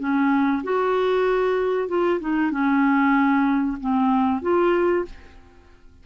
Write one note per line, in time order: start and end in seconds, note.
0.00 0.63 C#4
0.64 1.89 F#4
1.89 2.20 F4
2.21 2.51 D#4
2.51 3.78 C#4
3.81 4.42 C4
4.42 5.06 F4